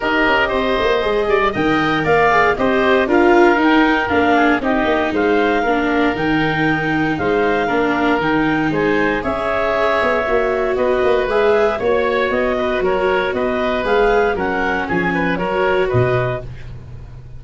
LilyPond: <<
  \new Staff \with { instrumentName = "clarinet" } { \time 4/4 \tempo 4 = 117 dis''2. g''4 | f''4 dis''4 f''4 g''4 | f''4 dis''4 f''2 | g''2 f''2 |
g''4 gis''4 e''2~ | e''4 dis''4 e''4 cis''4 | dis''4 cis''4 dis''4 f''4 | fis''4 gis''4 cis''4 dis''4 | }
  \new Staff \with { instrumentName = "oboe" } { \time 4/4 ais'4 c''4. d''8 dis''4 | d''4 c''4 ais'2~ | ais'8 gis'8 g'4 c''4 ais'4~ | ais'2 c''4 ais'4~ |
ais'4 c''4 cis''2~ | cis''4 b'2 cis''4~ | cis''8 b'8 ais'4 b'2 | ais'4 gis'8 b'8 ais'4 b'4 | }
  \new Staff \with { instrumentName = "viola" } { \time 4/4 g'2 gis'4 ais'4~ | ais'8 gis'8 g'4 f'4 dis'4 | d'4 dis'2 d'4 | dis'2. d'4 |
dis'2 gis'2 | fis'2 gis'4 fis'4~ | fis'2. gis'4 | cis'2 fis'2 | }
  \new Staff \with { instrumentName = "tuba" } { \time 4/4 dis'8 cis'8 c'8 ais8 gis8 g8 dis4 | ais4 c'4 d'4 dis'4 | ais4 c'8 ais8 gis4 ais4 | dis2 gis4 ais4 |
dis4 gis4 cis'4. b8 | ais4 b8 ais8 gis4 ais4 | b4 fis4 b4 gis4 | fis4 f4 fis4 b,4 | }
>>